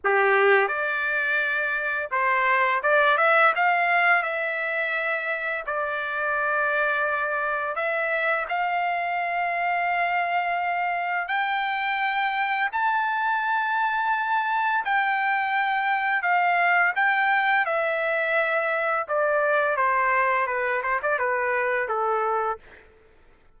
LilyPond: \new Staff \with { instrumentName = "trumpet" } { \time 4/4 \tempo 4 = 85 g'4 d''2 c''4 | d''8 e''8 f''4 e''2 | d''2. e''4 | f''1 |
g''2 a''2~ | a''4 g''2 f''4 | g''4 e''2 d''4 | c''4 b'8 c''16 d''16 b'4 a'4 | }